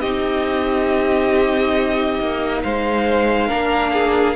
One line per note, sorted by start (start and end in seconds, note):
0.00 2.19 C4
0.00 3.48 D#4
0.00 2.61 G4
0.00 2.61 D#5
2.19 2.63 A#3
2.63 3.51 G#3
2.63 3.47 C5
2.63 4.36 F5
3.47 4.36 A#3
3.47 4.35 D4
3.47 3.91 A#4
3.93 4.36 G#4